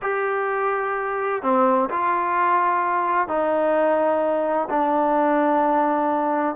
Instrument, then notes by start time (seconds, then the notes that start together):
trombone
0.02 G4
1.42 C4
1.89 F4
3.27 D#4
4.69 D4